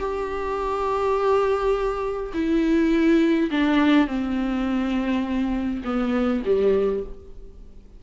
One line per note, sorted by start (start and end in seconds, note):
0.00 2.33 G4
2.34 3.50 E4
3.51 4.08 D4
4.08 5.83 C4
5.85 6.43 B3
6.46 7.04 G3